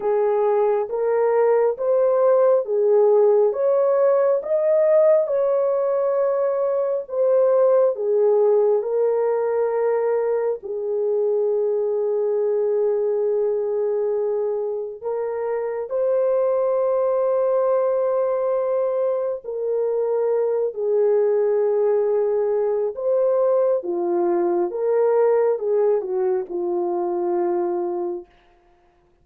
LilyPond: \new Staff \with { instrumentName = "horn" } { \time 4/4 \tempo 4 = 68 gis'4 ais'4 c''4 gis'4 | cis''4 dis''4 cis''2 | c''4 gis'4 ais'2 | gis'1~ |
gis'4 ais'4 c''2~ | c''2 ais'4. gis'8~ | gis'2 c''4 f'4 | ais'4 gis'8 fis'8 f'2 | }